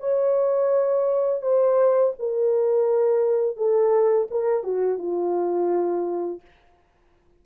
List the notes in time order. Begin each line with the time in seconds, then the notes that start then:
0.00 C#5
1.42 C5
2.19 A#4
3.56 A4
4.31 A#4
4.63 F#4
4.98 F4